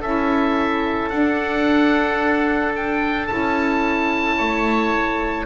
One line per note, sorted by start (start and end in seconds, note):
0.00 1.12 C#4
0.00 1.11 E4
0.00 4.36 A4
0.00 1.10 E5
1.10 3.29 D4
1.10 3.30 D4
1.10 2.73 F#5
2.76 3.27 G5
3.27 4.40 C#4
3.27 5.46 E4
3.27 5.46 A5
4.37 5.46 A3
4.37 5.46 C#5